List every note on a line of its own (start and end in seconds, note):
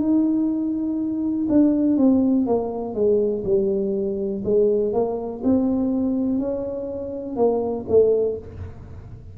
0.00 1.48 D#4
1.49 1.98 D4
1.98 2.47 C4
2.47 2.95 A#3
2.95 3.44 G#3
3.45 4.43 G3
4.45 4.94 G#3
4.94 5.43 A#3
5.45 6.39 C4
6.39 7.37 C#4
7.37 7.86 A#3
7.89 8.38 A3